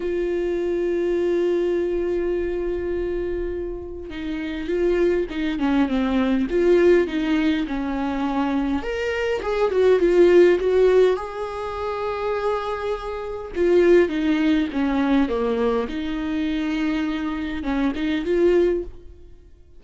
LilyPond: \new Staff \with { instrumentName = "viola" } { \time 4/4 \tempo 4 = 102 f'1~ | f'2. dis'4 | f'4 dis'8 cis'8 c'4 f'4 | dis'4 cis'2 ais'4 |
gis'8 fis'8 f'4 fis'4 gis'4~ | gis'2. f'4 | dis'4 cis'4 ais4 dis'4~ | dis'2 cis'8 dis'8 f'4 | }